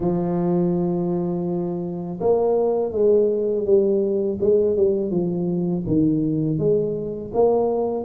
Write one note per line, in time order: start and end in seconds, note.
0.00 2.20 F3
2.20 2.91 A#3
2.91 3.65 G#3
3.65 4.38 G3
4.40 4.76 G#3
4.76 5.11 G3
5.11 5.84 F3
5.86 6.58 D#3
6.58 7.31 G#3
7.33 8.04 A#3